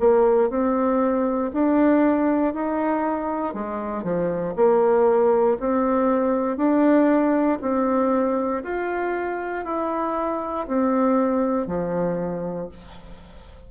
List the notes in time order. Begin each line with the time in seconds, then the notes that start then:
0.00 A#3
0.50 C4
1.53 D4
2.54 D#4
3.54 G#3
4.04 F3
4.56 A#3
5.60 C4
6.57 D4
7.61 C4
8.63 F4
9.65 E4
10.67 C4
11.67 F3